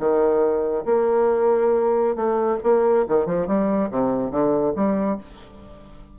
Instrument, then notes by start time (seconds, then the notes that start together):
bassoon
0.00 D#3
0.86 A#3
2.16 A3
2.63 A#3
3.09 D#3
3.27 F3
3.48 G3
3.91 C3
4.31 D3
4.76 G3